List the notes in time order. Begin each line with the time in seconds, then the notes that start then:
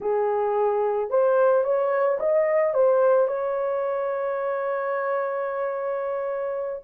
0.00 G#4
1.10 C5
1.64 C#5
2.19 D#5
2.74 C5
3.27 C#5